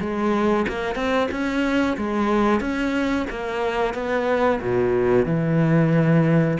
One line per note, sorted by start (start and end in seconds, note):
0.00 0.66 G#3
0.68 0.95 A#3
0.95 1.28 C4
1.31 1.97 C#4
1.97 2.60 G#3
2.60 3.26 C#4
3.30 3.94 A#3
3.94 4.60 B3
4.61 5.25 B2
5.25 6.57 E3